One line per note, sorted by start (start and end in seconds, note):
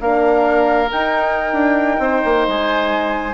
0.00 0.90 A#3
0.00 0.90 D4
0.00 2.01 A#4
0.00 0.90 F5
0.90 3.34 D#4
0.90 1.53 D#4
0.90 2.48 G5
1.53 1.97 D4
1.99 2.21 C4
1.99 3.34 C5
2.24 2.47 A#3
2.47 3.34 G#3
2.47 3.34 G#5